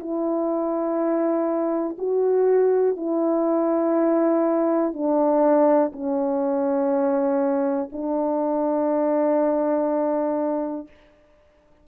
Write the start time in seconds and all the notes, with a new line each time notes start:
0.00 E4
1.98 F#4
2.97 E4
4.94 D4
5.93 C#4
7.93 D4